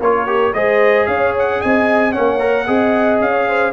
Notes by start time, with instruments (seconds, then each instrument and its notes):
0.00 tuba A#3, trombone F4, horn A#4, trumpet C#5
0.26 trombone G4
0.53 tuba G#3, trombone G#4, horn C5, trumpet D#5
1.06 tuba C#4, horn C#5, trumpet F5
1.38 trumpet F#5
1.61 tuba C4, horn D#5, trumpet G#5
2.12 tuba A#3, trombone C#4, horn C#5, trumpet F#5
2.39 trombone A#4
2.66 tuba C4, trombone G#4, horn D#5
3.20 tuba C#4, trumpet F5
3.31 horn C#5
3.48 horn C5